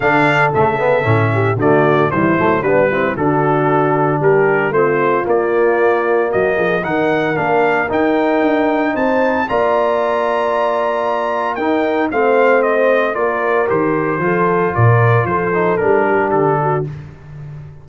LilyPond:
<<
  \new Staff \with { instrumentName = "trumpet" } { \time 4/4 \tempo 4 = 114 f''4 e''2 d''4 | c''4 b'4 a'2 | ais'4 c''4 d''2 | dis''4 fis''4 f''4 g''4~ |
g''4 a''4 ais''2~ | ais''2 g''4 f''4 | dis''4 d''4 c''2 | d''4 c''4 ais'4 a'4 | }
  \new Staff \with { instrumentName = "horn" } { \time 4/4 a'2~ a'8 g'8 fis'4 | e'4 d'8 e'8 fis'2 | g'4 f'2. | fis'8 gis'8 ais'2.~ |
ais'4 c''4 d''2~ | d''2 ais'4 c''4~ | c''4 ais'2 a'4 | ais'4 a'4. g'4 fis'8 | }
  \new Staff \with { instrumentName = "trombone" } { \time 4/4 d'4 a8 b8 cis'4 a4 | g8 a8 b8 c'8 d'2~ | d'4 c'4 ais2~ | ais4 dis'4 d'4 dis'4~ |
dis'2 f'2~ | f'2 dis'4 c'4~ | c'4 f'4 g'4 f'4~ | f'4. dis'8 d'2 | }
  \new Staff \with { instrumentName = "tuba" } { \time 4/4 d4 cis4 a,4 d4 | e8 fis8 g4 d2 | g4 a4 ais2 | fis8 f8 dis4 ais4 dis'4 |
d'4 c'4 ais2~ | ais2 dis'4 a4~ | a4 ais4 dis4 f4 | ais,4 f4 g4 d4 | }
>>